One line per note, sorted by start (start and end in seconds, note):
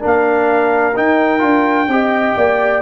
0.00 0.97 A#3
0.00 0.94 D4
0.00 1.88 A#4
0.07 0.97 F5
0.96 1.39 D#4
0.96 1.42 D#4
0.96 2.82 G5
1.39 1.88 D4
1.39 1.86 F4
1.88 2.35 C4
1.88 2.82 G4
1.88 2.38 D#5
2.37 2.82 A#3
2.37 2.82 D5